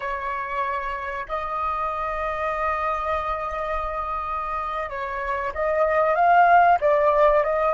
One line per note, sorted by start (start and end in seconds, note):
0.00 1.26 C#5
1.28 4.89 D#5
4.89 5.53 C#5
5.54 6.15 D#5
6.15 6.78 F5
6.80 7.43 D5
7.43 7.74 D#5